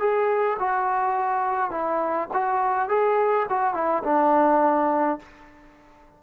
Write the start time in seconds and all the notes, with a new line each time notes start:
0.00 G#4
0.60 F#4
1.71 E4
2.34 F#4
2.89 G#4
3.50 F#4
3.74 E4
4.04 D4